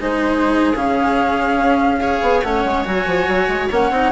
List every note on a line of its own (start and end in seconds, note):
0.00 0.75 G#3
0.00 0.74 D#4
0.00 2.01 G#4
0.00 0.76 C5
0.75 1.57 C#3
0.75 2.00 C#4
0.75 2.42 F5
1.57 2.20 C#4
2.00 2.43 G#4
2.00 4.12 C#5
2.22 2.43 B3
2.42 2.65 A3
2.42 2.85 C#4
2.42 2.84 F#5
2.65 2.86 G#3
2.85 3.06 F#3
2.85 3.69 F#4
2.85 3.69 G#5
3.06 3.27 F3
3.28 3.48 F#3
3.48 3.69 G#3
3.71 3.91 A#3
3.71 3.92 C#4
3.71 4.12 F#5
3.91 4.12 C4
3.91 4.12 D#4